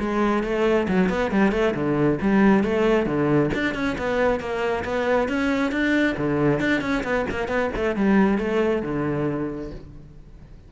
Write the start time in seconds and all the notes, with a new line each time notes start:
0.00 G#3
0.43 A3
0.88 F#3
1.09 B3
1.31 G3
1.52 A3
1.75 D3
2.21 G3
2.64 A3
3.06 D3
3.54 D4
3.74 C#4
3.98 B3
4.40 A#3
4.85 B3
5.29 C#4
5.72 D4
6.18 D3
6.60 D4
6.81 C#4
7.04 B3
7.31 A#3
7.48 B3
7.76 A3
7.96 G3
8.38 A3
8.83 D3